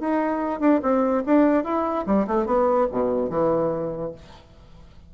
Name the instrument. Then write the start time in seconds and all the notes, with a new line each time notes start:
bassoon
0.00 D#4
0.60 D4
0.82 C4
1.26 D4
1.64 E4
2.06 G3
2.27 A3
2.46 B3
2.92 B2
3.30 E3